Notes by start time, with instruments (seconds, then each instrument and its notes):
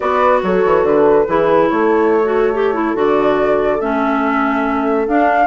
0.00 bassoon B3, clarinet F#4, horn B4, flute D5
0.43 bassoon F#3, horn A4, flute C#5
0.64 bassoon E3
0.83 bassoon D3, flute B4
1.27 bassoon E3, clarinet E4, horn G#4
1.68 bassoon A3, horn A4, flute C#5
2.23 clarinet F#4
2.53 clarinet G4
2.74 clarinet E4
2.94 bassoon D3, clarinet F#4, flute D5
3.80 bassoon A3, clarinet C#4, flute E5
5.07 bassoon D4, clarinet D4, flute F5